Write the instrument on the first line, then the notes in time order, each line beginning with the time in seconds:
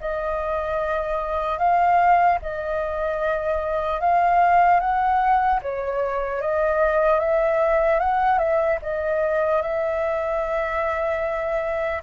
flute
0.00 D#5
1.58 F5
2.42 D#5
4.00 F5
4.80 F#5
5.62 C#5
6.41 D#5
7.19 E5
7.99 F#5
8.38 E5
8.81 D#5
9.61 E5